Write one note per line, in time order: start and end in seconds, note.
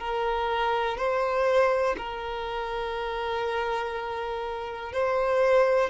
0.00 0.98 A#4
0.98 1.96 C5
1.98 4.93 A#4
4.93 5.90 C5